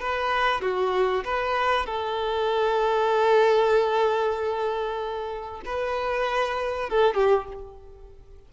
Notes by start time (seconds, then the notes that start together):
0.00 B4
0.61 F#4
1.24 B4
1.86 A4
5.65 B4
6.89 A4
7.14 G4